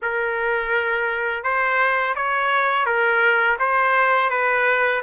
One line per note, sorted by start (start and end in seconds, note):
0.02 1.43 A#4
1.43 2.14 C5
2.15 2.85 C#5
2.85 3.57 A#4
3.59 4.30 C5
4.30 5.01 B4